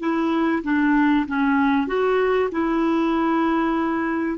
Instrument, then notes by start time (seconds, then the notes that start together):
clarinet
0.00 E4
0.63 D4
1.27 C#4
1.87 F#4
2.52 E4